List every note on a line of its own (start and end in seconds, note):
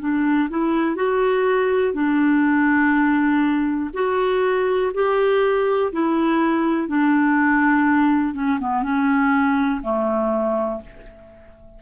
0.00 0.49 D4
0.50 0.96 E4
0.96 1.94 F#4
1.94 3.90 D4
3.93 4.92 F#4
4.94 5.92 G4
5.93 6.88 E4
6.88 8.34 D4
8.34 8.59 C#4
8.60 8.83 B3
8.83 9.81 C#4
9.82 10.81 A3